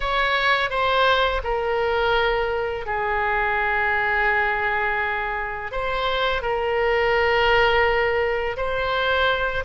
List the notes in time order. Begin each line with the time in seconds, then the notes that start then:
0.00 C#5
0.70 C5
1.43 A#4
2.86 G#4
5.71 C5
6.42 A#4
8.56 C5